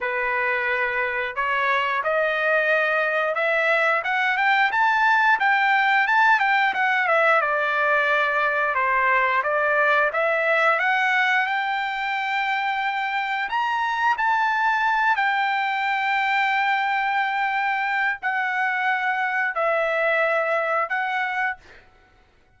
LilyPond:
\new Staff \with { instrumentName = "trumpet" } { \time 4/4 \tempo 4 = 89 b'2 cis''4 dis''4~ | dis''4 e''4 fis''8 g''8 a''4 | g''4 a''8 g''8 fis''8 e''8 d''4~ | d''4 c''4 d''4 e''4 |
fis''4 g''2. | ais''4 a''4. g''4.~ | g''2. fis''4~ | fis''4 e''2 fis''4 | }